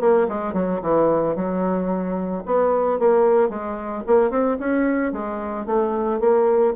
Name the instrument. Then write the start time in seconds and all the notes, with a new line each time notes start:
bassoon
0.00 A#3
0.28 G#3
0.53 F#3
0.82 E3
1.35 F#3
2.45 B3
2.99 A#3
3.49 G#3
4.06 A#3
4.30 C4
4.59 C#4
5.12 G#3
5.66 A3
6.20 A#3